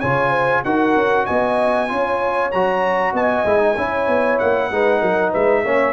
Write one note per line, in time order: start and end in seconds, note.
0.00 0.65 C#3
0.00 0.65 F4
0.00 0.30 C#5
0.00 0.63 G#5
0.30 0.61 C5
0.64 0.96 D#4
0.64 1.88 F#4
0.64 1.26 A#4
0.64 1.26 F#5
0.96 1.27 C#4
1.26 1.92 B3
1.26 1.89 D#5
1.26 2.51 G#5
1.88 2.54 C#4
1.88 2.51 F4
1.88 3.14 C#5
2.51 3.13 F#3
2.51 3.46 F#4
2.51 3.14 A#5
3.13 3.44 B3
3.13 3.77 D#5
3.13 4.39 G#5
3.45 3.76 G#3
3.45 3.58 E4
3.58 3.74 D#4
3.77 4.08 C#4
3.77 4.71 E4
3.77 4.71 C#5
4.08 4.39 B3
4.39 4.71 A#3
4.39 5.33 F#5
4.71 5.02 G#3
4.71 5.66 D#4
4.71 5.01 B4
5.01 5.33 F#3
5.01 5.31 A#4
5.31 5.65 G#3
5.31 5.62 B4
5.31 5.93 E5
5.64 5.93 A#3
5.64 5.93 C#4
5.64 5.93 C#5